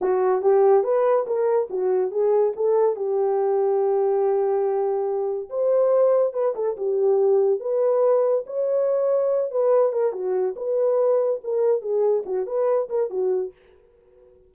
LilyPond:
\new Staff \with { instrumentName = "horn" } { \time 4/4 \tempo 4 = 142 fis'4 g'4 b'4 ais'4 | fis'4 gis'4 a'4 g'4~ | g'1~ | g'4 c''2 b'8 a'8 |
g'2 b'2 | cis''2~ cis''8 b'4 ais'8 | fis'4 b'2 ais'4 | gis'4 fis'8 b'4 ais'8 fis'4 | }